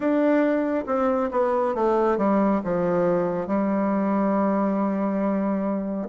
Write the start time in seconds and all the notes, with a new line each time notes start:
0.00 D4
0.86 C4
1.31 B3
1.74 A3
2.17 G3
2.64 F3
3.47 G3